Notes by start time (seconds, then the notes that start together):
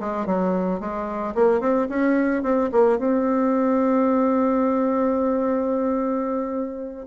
0.00 G#3
0.26 F#3
0.80 G#3
1.34 A#3
1.60 C4
1.89 C#4
2.42 C4
2.72 A#3
2.98 C4